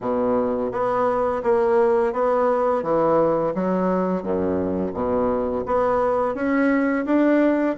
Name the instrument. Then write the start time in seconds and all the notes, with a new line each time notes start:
bassoon
0.00 B2
0.71 B3
1.43 A#3
2.12 B3
2.82 E3
3.55 F#3
4.22 F#2
4.93 B2
5.65 B3
6.34 C#4
7.05 D4